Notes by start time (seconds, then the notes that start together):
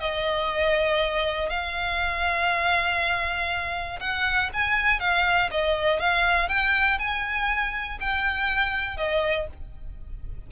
0.00 D#5
1.50 F5
4.00 F#5
4.53 G#5
5.00 F5
5.51 D#5
6.00 F5
6.49 G5
6.99 G#5
8.00 G5
8.97 D#5